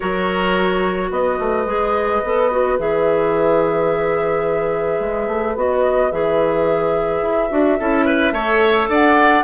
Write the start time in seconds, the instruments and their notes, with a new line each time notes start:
0.00 bassoon F#3, clarinet F#4, oboe A#4, flute C#5
1.09 bassoon B3, oboe B4, flute D#5
1.39 bassoon A3
1.65 bassoon G#3, clarinet G#4
2.23 bassoon B3, clarinet A4
2.51 clarinet F#4
2.78 bassoon E3, clarinet G#4, flute E5
4.99 bassoon G#3
5.27 bassoon A3
5.55 bassoon B3, clarinet F#4, flute D#5
6.11 bassoon E3, clarinet G#4, flute E5
7.22 bassoon E4
7.50 bassoon D4, clarinet F#4
7.79 bassoon C#4, clarinet E4, oboe A4
8.05 oboe B4
8.31 bassoon A3, clarinet A4, oboe C#5
8.88 bassoon D4, oboe D5, flute F#5